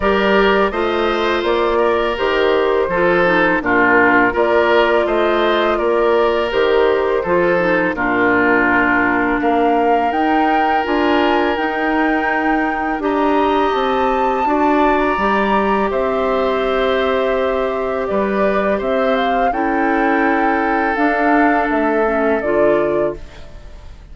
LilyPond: <<
  \new Staff \with { instrumentName = "flute" } { \time 4/4 \tempo 4 = 83 d''4 dis''4 d''4 c''4~ | c''4 ais'4 d''4 dis''4 | d''4 c''2 ais'4~ | ais'4 f''4 g''4 gis''4 |
g''2 ais''4 a''4~ | a''8. ais''4~ ais''16 e''2~ | e''4 d''4 e''8 f''8 g''4~ | g''4 f''4 e''4 d''4 | }
  \new Staff \with { instrumentName = "oboe" } { \time 4/4 ais'4 c''4. ais'4. | a'4 f'4 ais'4 c''4 | ais'2 a'4 f'4~ | f'4 ais'2.~ |
ais'2 dis''2 | d''2 c''2~ | c''4 b'4 c''4 a'4~ | a'1 | }
  \new Staff \with { instrumentName = "clarinet" } { \time 4/4 g'4 f'2 g'4 | f'8 dis'8 d'4 f'2~ | f'4 g'4 f'8 dis'8 d'4~ | d'2 dis'4 f'4 |
dis'2 g'2 | fis'4 g'2.~ | g'2. e'4~ | e'4 d'4. cis'8 f'4 | }
  \new Staff \with { instrumentName = "bassoon" } { \time 4/4 g4 a4 ais4 dis4 | f4 ais,4 ais4 a4 | ais4 dis4 f4 ais,4~ | ais,4 ais4 dis'4 d'4 |
dis'2 d'4 c'4 | d'4 g4 c'2~ | c'4 g4 c'4 cis'4~ | cis'4 d'4 a4 d4 | }
>>